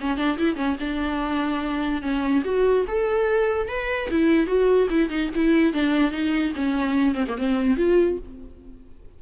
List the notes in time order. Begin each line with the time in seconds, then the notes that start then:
0.00 C#4
0.17 D4
0.38 E4
0.56 C#4
0.80 D4
2.02 C#4
2.44 F#4
2.88 A4
3.68 B4
4.10 E4
4.47 F#4
4.90 E4
5.09 D#4
5.35 E4
5.73 D4
6.11 D#4
6.55 C#4
7.15 C4
7.28 A#3
7.37 C4
7.77 F4